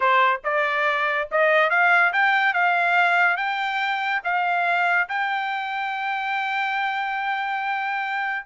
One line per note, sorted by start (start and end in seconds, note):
0.00 0.41 C5
0.44 1.28 D5
1.31 1.70 D#5
1.70 2.12 F5
2.12 2.53 G5
2.53 3.36 F5
3.36 4.21 G5
4.24 5.08 F5
5.08 8.45 G5